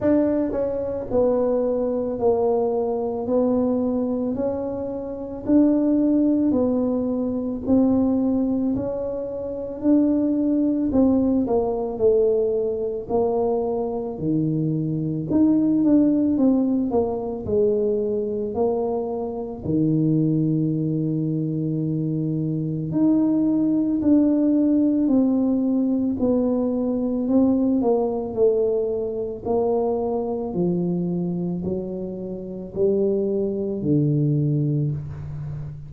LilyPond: \new Staff \with { instrumentName = "tuba" } { \time 4/4 \tempo 4 = 55 d'8 cis'8 b4 ais4 b4 | cis'4 d'4 b4 c'4 | cis'4 d'4 c'8 ais8 a4 | ais4 dis4 dis'8 d'8 c'8 ais8 |
gis4 ais4 dis2~ | dis4 dis'4 d'4 c'4 | b4 c'8 ais8 a4 ais4 | f4 fis4 g4 d4 | }